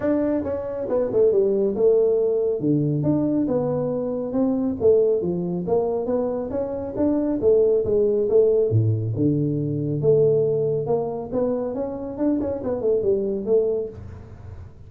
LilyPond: \new Staff \with { instrumentName = "tuba" } { \time 4/4 \tempo 4 = 138 d'4 cis'4 b8 a8 g4 | a2 d4 d'4 | b2 c'4 a4 | f4 ais4 b4 cis'4 |
d'4 a4 gis4 a4 | a,4 d2 a4~ | a4 ais4 b4 cis'4 | d'8 cis'8 b8 a8 g4 a4 | }